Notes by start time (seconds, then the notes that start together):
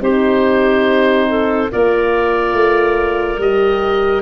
0.00 C4 D#4 G4 C5
1.29 A4
1.71 A#3 F4 A#4 D5
2.53 A3
3.37 G3 G4 D#5